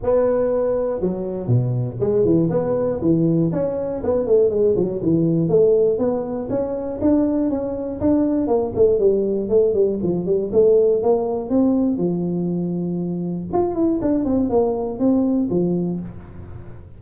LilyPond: \new Staff \with { instrumentName = "tuba" } { \time 4/4 \tempo 4 = 120 b2 fis4 b,4 | gis8 e8 b4 e4 cis'4 | b8 a8 gis8 fis8 e4 a4 | b4 cis'4 d'4 cis'4 |
d'4 ais8 a8 g4 a8 g8 | f8 g8 a4 ais4 c'4 | f2. f'8 e'8 | d'8 c'8 ais4 c'4 f4 | }